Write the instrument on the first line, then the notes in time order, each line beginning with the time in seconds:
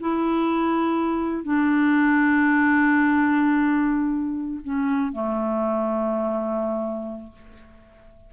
clarinet
0.00 E4
1.44 D4
4.64 C#4
5.13 A3